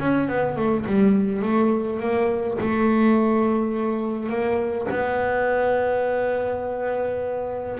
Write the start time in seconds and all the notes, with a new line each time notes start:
0.00 C#4
0.29 B3
0.57 A3
0.86 G3
1.42 A3
2.00 A#3
2.60 A3
4.30 A#3
4.91 B3